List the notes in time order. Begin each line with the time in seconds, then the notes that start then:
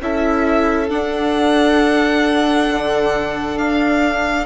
0.00 C#4 E4 A4 E5
0.89 D4 F#5
2.70 D3
3.57 D4 F5